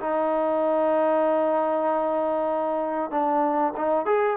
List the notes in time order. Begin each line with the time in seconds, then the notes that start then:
0.00 D#4
3.11 D4
3.76 D#4
4.05 G#4